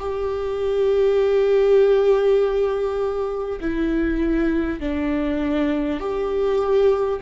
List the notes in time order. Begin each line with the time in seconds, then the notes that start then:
0.00 G4
3.61 E4
4.81 D4
6.01 G4